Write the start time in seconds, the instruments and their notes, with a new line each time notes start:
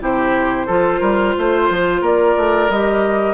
0.00 bassoon C3, clarinet E4, oboe G4, flute C5
0.66 bassoon F3, clarinet F4, oboe A4
1.00 bassoon G3, oboe A#4
1.38 bassoon A3, oboe C5
1.69 bassoon F3
2.01 bassoon A#3, oboe A#4, flute D5
2.36 bassoon A3
2.69 bassoon G3, clarinet G4, flute D#5